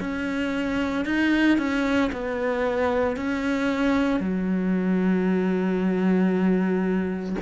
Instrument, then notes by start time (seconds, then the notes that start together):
cello
0.00 C#4
1.05 D#4
1.58 C#4
2.12 B3
3.16 C#4
4.20 F#3